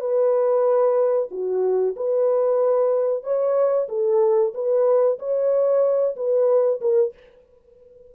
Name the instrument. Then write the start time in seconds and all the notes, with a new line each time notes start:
horn
0.00 B4
1.31 F#4
1.96 B4
3.23 C#5
3.89 A4
4.54 B4
5.19 C#5
6.16 B4
6.81 A#4